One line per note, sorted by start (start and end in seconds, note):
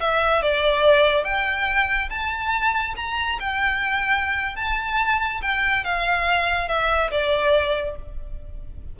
0.00 0.42 E5
0.42 1.24 D5
1.24 2.09 G5
2.09 2.94 A5
2.96 3.38 A#5
3.39 4.55 G5
4.55 5.40 A5
5.41 5.84 G5
5.84 6.68 F5
6.68 7.10 E5
7.10 7.96 D5